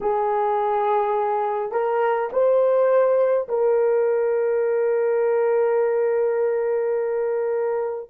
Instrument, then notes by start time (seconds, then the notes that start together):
horn
0.00 G#4
1.72 A#4
2.32 C5
3.48 A#4